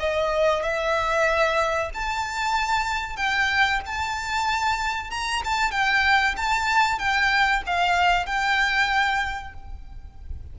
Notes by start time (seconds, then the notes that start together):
0.00 D#5
0.64 E5
1.95 A5
3.17 G5
3.86 A5
5.11 A#5
5.45 A5
5.72 G5
6.37 A5
6.99 G5
7.67 F5
8.27 G5